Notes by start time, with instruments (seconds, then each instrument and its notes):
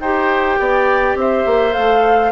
0.00 bassoon D#4, clarinet G4, oboe C5, flute G5
0.60 bassoon B3, oboe D5
1.15 bassoon C4, oboe C5, flute E5
1.46 bassoon A#3
1.72 bassoon A3, clarinet A4, flute F5